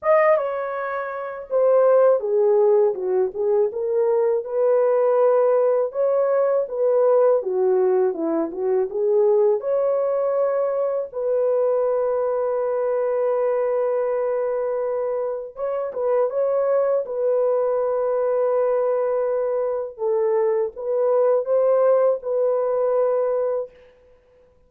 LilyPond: \new Staff \with { instrumentName = "horn" } { \time 4/4 \tempo 4 = 81 dis''8 cis''4. c''4 gis'4 | fis'8 gis'8 ais'4 b'2 | cis''4 b'4 fis'4 e'8 fis'8 | gis'4 cis''2 b'4~ |
b'1~ | b'4 cis''8 b'8 cis''4 b'4~ | b'2. a'4 | b'4 c''4 b'2 | }